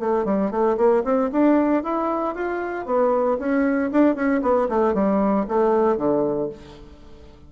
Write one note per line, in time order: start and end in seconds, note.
0.00 0.25 A3
0.25 0.51 G3
0.51 0.77 A3
0.77 1.03 A#3
1.04 1.30 C4
1.32 1.84 D4
1.84 2.35 E4
2.35 2.86 F4
2.86 3.38 B3
3.39 3.91 C#4
3.92 4.15 D4
4.15 4.41 C#4
4.42 4.68 B3
4.69 4.94 A3
4.94 5.46 G3
5.48 5.97 A3
5.97 6.49 D3